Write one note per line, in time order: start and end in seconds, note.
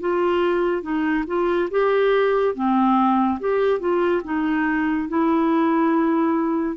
0.00 0.82 F4
0.82 1.24 D#4
1.26 1.69 F4
1.70 2.54 G4
2.54 3.39 C4
3.40 3.80 G4
3.80 4.22 F4
4.24 5.08 D#4
5.08 6.76 E4